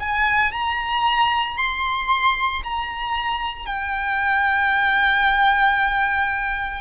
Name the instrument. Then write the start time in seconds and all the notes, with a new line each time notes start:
violin
0.00 G#5
0.52 A#5
1.57 C6
2.64 A#5
3.67 G5